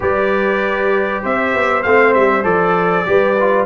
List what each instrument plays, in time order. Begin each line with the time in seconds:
0.00 tuba G3, trombone G4, horn B4, trumpet D5
1.22 tuba C4, horn C5, trumpet E5
1.54 tuba B3
1.82 tuba A3, trombone C4, trumpet F5
2.13 tuba G3, trumpet E5
2.43 tuba F3, trombone A4, trumpet D5
3.05 tuba G3, trombone G4, horn B4
3.39 trombone F4